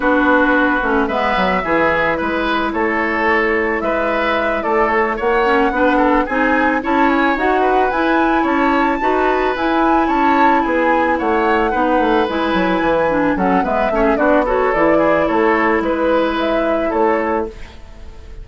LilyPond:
<<
  \new Staff \with { instrumentName = "flute" } { \time 4/4 \tempo 4 = 110 b'2 e''2 | b'4 cis''2 e''4~ | e''8 d''8 cis''8 fis''2 gis''8~ | gis''8 a''8 gis''8 fis''4 gis''4 a''8~ |
a''4. gis''4 a''4 gis''8~ | gis''8 fis''2 gis''4.~ | gis''8 fis''8 e''4 d''8 cis''8 d''4 | cis''4 b'4 e''4 cis''4 | }
  \new Staff \with { instrumentName = "oboe" } { \time 4/4 fis'2 b'4 gis'4 | b'4 a'2 b'4~ | b'8 a'4 cis''4 b'8 a'8 gis'8~ | gis'8 cis''4. b'4. cis''8~ |
cis''8 b'2 cis''4 gis'8~ | gis'8 cis''4 b'2~ b'8~ | b'8 a'8 b'8 cis''16 gis'16 fis'8 a'4 gis'8 | a'4 b'2 a'4 | }
  \new Staff \with { instrumentName = "clarinet" } { \time 4/4 d'4. cis'8 b4 e'4~ | e'1~ | e'2 cis'8 d'4 dis'8~ | dis'8 e'4 fis'4 e'4.~ |
e'8 fis'4 e'2~ e'8~ | e'4. dis'4 e'4. | d'8 cis'8 b8 cis'8 d'8 fis'8 e'4~ | e'1 | }
  \new Staff \with { instrumentName = "bassoon" } { \time 4/4 b4. a8 gis8 fis8 e4 | gis4 a2 gis4~ | gis8 a4 ais4 b4 c'8~ | c'8 cis'4 dis'4 e'4 cis'8~ |
cis'8 dis'4 e'4 cis'4 b8~ | b8 a4 b8 a8 gis8 fis8 e8~ | e8 fis8 gis8 a8 b4 e4 | a4 gis2 a4 | }
>>